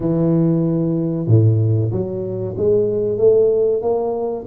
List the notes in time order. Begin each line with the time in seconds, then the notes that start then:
0.00 E3
1.27 A2
1.91 F#3
2.57 G#3
3.18 A3
3.82 A#3